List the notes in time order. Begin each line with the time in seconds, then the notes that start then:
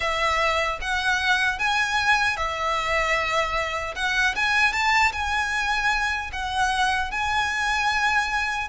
0.00 E5
0.81 F#5
1.58 G#5
2.36 E5
3.95 F#5
4.35 G#5
4.72 A5
5.12 G#5
6.32 F#5
7.11 G#5